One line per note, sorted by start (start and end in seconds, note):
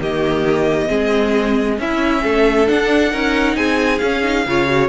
0.00 0.89 D#3
0.00 0.88 A#3
0.00 0.89 G4
0.00 1.81 D#5
0.88 1.79 G#3
0.88 1.77 C4
0.88 1.78 G#4
1.79 2.23 C#4
1.79 2.67 C#4
1.79 2.23 E4
1.79 2.69 E5
2.23 2.70 A3
2.23 3.12 A4
2.67 3.11 D4
2.67 3.14 D4
2.67 3.57 F#5
3.11 3.57 C#4
3.11 4.00 D#4
3.11 3.56 A#4
3.57 4.01 C4
3.57 4.46 G#4
3.57 3.99 G#5
3.99 4.23 C#4
3.99 4.47 C#4
3.99 4.88 F5
4.23 4.45 D#4
4.47 4.89 C#3
4.47 4.67 F4
4.47 4.89 C#5
4.67 4.89 F#4